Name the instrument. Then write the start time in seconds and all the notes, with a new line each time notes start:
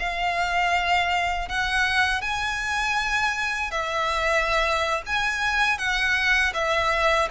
violin
0.00 F5
1.49 F#5
2.22 G#5
3.72 E5
5.07 G#5
5.79 F#5
6.54 E5